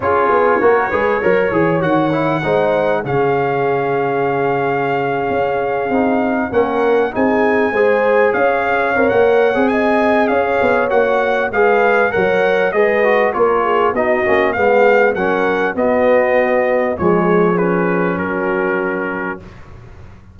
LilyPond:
<<
  \new Staff \with { instrumentName = "trumpet" } { \time 4/4 \tempo 4 = 99 cis''2. fis''4~ | fis''4 f''2.~ | f''2~ f''8. fis''4 gis''16~ | gis''4.~ gis''16 f''4~ f''16 fis''4 |
gis''4 f''4 fis''4 f''4 | fis''4 dis''4 cis''4 dis''4 | f''4 fis''4 dis''2 | cis''4 b'4 ais'2 | }
  \new Staff \with { instrumentName = "horn" } { \time 4/4 gis'4 ais'8 b'8 cis''2 | c''4 gis'2.~ | gis'2~ gis'8. ais'4 gis'16~ | gis'8. c''4 cis''2~ cis''16 |
dis''4 cis''2 b'4 | cis''4 b'4 ais'8 gis'8 fis'4 | gis'4 ais'4 fis'2 | gis'2 fis'2 | }
  \new Staff \with { instrumentName = "trombone" } { \time 4/4 f'4 fis'8 gis'8 ais'8 gis'8 fis'8 e'8 | dis'4 cis'2.~ | cis'4.~ cis'16 dis'4 cis'4 dis'16~ | dis'8. gis'2 ais'4 gis'16~ |
gis'2 fis'4 gis'4 | ais'4 gis'8 fis'8 f'4 dis'8 cis'8 | b4 cis'4 b2 | gis4 cis'2. | }
  \new Staff \with { instrumentName = "tuba" } { \time 4/4 cis'8 b8 ais8 gis8 fis8 e8 dis4 | gis4 cis2.~ | cis8. cis'4 c'4 ais4 c'16~ | c'8. gis4 cis'4 c'16 ais8. c'16~ |
c'4 cis'8 b8 ais4 gis4 | fis4 gis4 ais4 b8 ais8 | gis4 fis4 b2 | f2 fis2 | }
>>